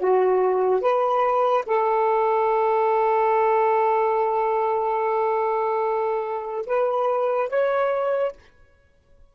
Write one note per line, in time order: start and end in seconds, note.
0.00 0.81 F#4
0.81 1.65 B4
1.66 6.66 A4
6.67 7.50 B4
7.50 8.33 C#5